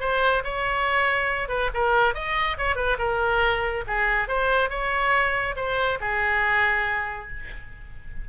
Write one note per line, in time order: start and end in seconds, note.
0.00 0.43 C5
0.44 1.48 C#5
1.48 1.70 B4
1.74 2.14 A#4
2.14 2.57 D#5
2.57 2.75 C#5
2.75 2.97 B4
2.98 3.84 A#4
3.87 4.28 G#4
4.28 4.69 C5
4.69 5.55 C#5
5.56 5.98 C5
6.00 7.29 G#4